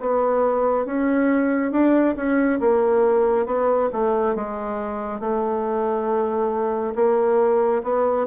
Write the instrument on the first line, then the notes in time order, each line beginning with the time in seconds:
bassoon
0.00 B3
0.85 C#4
1.72 D4
2.16 C#4
2.60 A#3
3.46 B3
3.92 A3
4.35 G#3
5.20 A3
6.95 A#3
7.83 B3